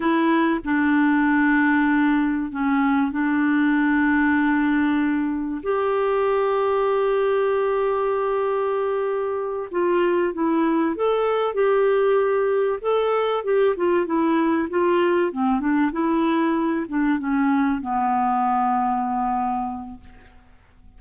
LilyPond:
\new Staff \with { instrumentName = "clarinet" } { \time 4/4 \tempo 4 = 96 e'4 d'2. | cis'4 d'2.~ | d'4 g'2.~ | g'2.~ g'8 f'8~ |
f'8 e'4 a'4 g'4.~ | g'8 a'4 g'8 f'8 e'4 f'8~ | f'8 c'8 d'8 e'4. d'8 cis'8~ | cis'8 b2.~ b8 | }